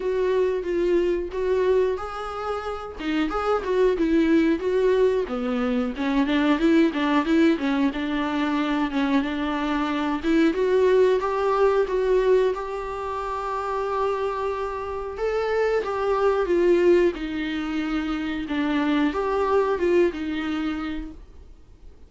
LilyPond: \new Staff \with { instrumentName = "viola" } { \time 4/4 \tempo 4 = 91 fis'4 f'4 fis'4 gis'4~ | gis'8 dis'8 gis'8 fis'8 e'4 fis'4 | b4 cis'8 d'8 e'8 d'8 e'8 cis'8 | d'4. cis'8 d'4. e'8 |
fis'4 g'4 fis'4 g'4~ | g'2. a'4 | g'4 f'4 dis'2 | d'4 g'4 f'8 dis'4. | }